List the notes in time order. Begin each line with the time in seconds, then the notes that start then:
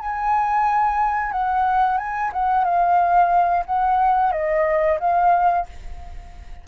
0.00 G#5
1.32 F#5
1.98 G#5
2.33 F#5
2.65 F5
3.66 F#5
4.32 D#5
5.00 F5